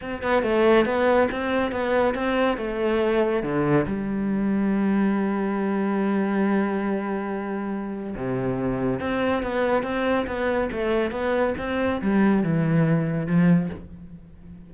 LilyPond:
\new Staff \with { instrumentName = "cello" } { \time 4/4 \tempo 4 = 140 c'8 b8 a4 b4 c'4 | b4 c'4 a2 | d4 g2.~ | g1~ |
g2. c4~ | c4 c'4 b4 c'4 | b4 a4 b4 c'4 | g4 e2 f4 | }